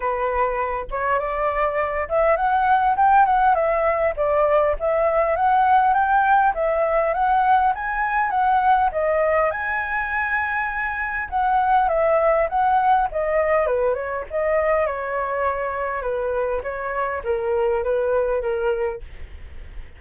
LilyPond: \new Staff \with { instrumentName = "flute" } { \time 4/4 \tempo 4 = 101 b'4. cis''8 d''4. e''8 | fis''4 g''8 fis''8 e''4 d''4 | e''4 fis''4 g''4 e''4 | fis''4 gis''4 fis''4 dis''4 |
gis''2. fis''4 | e''4 fis''4 dis''4 b'8 cis''8 | dis''4 cis''2 b'4 | cis''4 ais'4 b'4 ais'4 | }